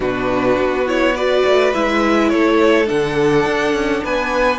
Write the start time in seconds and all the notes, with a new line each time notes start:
0.00 B2 D4 F#4 B4
0.56 B3
0.86 E4 C#5
1.15 F#4 B4 D5
1.44 A3
1.73 G#3 E4 E5
2.29 A3 A4 C#5
2.86 D3 D4 F#5
3.45 D4
3.72 C#4
4.03 B3 B4 G#5